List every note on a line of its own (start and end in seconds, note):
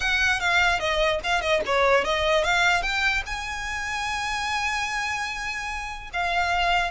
0.00 0.39 F#5
0.39 0.79 F5
0.79 1.20 D#5
1.23 1.41 F5
1.41 1.61 D#5
1.65 2.04 C#5
2.04 2.44 D#5
2.44 2.82 F5
2.82 3.22 G5
3.26 6.09 G#5
6.13 6.90 F5